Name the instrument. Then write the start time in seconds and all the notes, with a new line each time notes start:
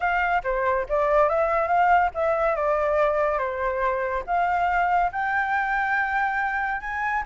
flute
0.00 F5
0.43 C5
0.88 D5
1.29 E5
1.67 F5
2.14 E5
2.55 D5
3.38 C5
4.26 F5
5.12 G5
6.80 G#5